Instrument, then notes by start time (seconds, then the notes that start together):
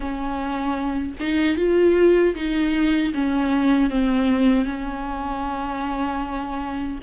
viola
0.00 C#4
1.19 D#4
1.57 F4
2.35 D#4
3.14 C#4
3.90 C4
4.65 C#4